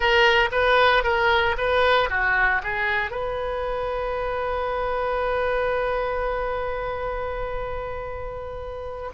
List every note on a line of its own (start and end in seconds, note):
0.00 0.49 A#4
0.51 1.03 B4
1.03 1.55 A#4
1.57 2.09 B4
2.09 2.61 F#4
2.63 3.10 G#4
3.10 9.10 B4